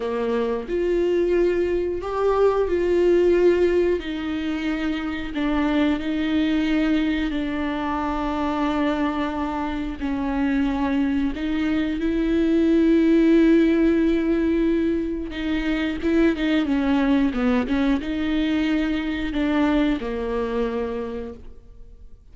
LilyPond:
\new Staff \with { instrumentName = "viola" } { \time 4/4 \tempo 4 = 90 ais4 f'2 g'4 | f'2 dis'2 | d'4 dis'2 d'4~ | d'2. cis'4~ |
cis'4 dis'4 e'2~ | e'2. dis'4 | e'8 dis'8 cis'4 b8 cis'8 dis'4~ | dis'4 d'4 ais2 | }